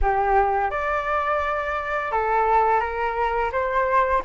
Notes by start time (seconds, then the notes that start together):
0.01 G4
0.70 D5
2.11 A4
2.80 A#4
3.51 C5